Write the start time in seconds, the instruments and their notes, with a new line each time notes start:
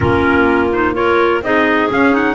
0.00 double bass A#3, clarinet C#4 F4, trumpet A#4
0.72 clarinet D#4, trumpet C5
0.94 clarinet F4 A#4, trumpet C#5
1.41 double bass C4, clarinet D#4 G#4, trumpet D#5
1.90 clarinet C#4, double bass C#4, trumpet F5
2.12 clarinet D#4, trumpet F#5